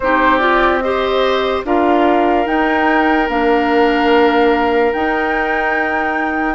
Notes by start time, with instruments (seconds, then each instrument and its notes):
0.00 bassoon C4, clarinet D#4, oboe G4, flute C5
0.37 clarinet F4, flute D5
0.80 clarinet G4, oboe C5, flute D#5
1.64 bassoon D4, clarinet F4, oboe A#4, flute F5
2.45 clarinet D#4, bassoon D#4, flute G5
3.28 bassoon A#3, clarinet D4, flute F5
4.92 clarinet D#4, bassoon D#4, flute G5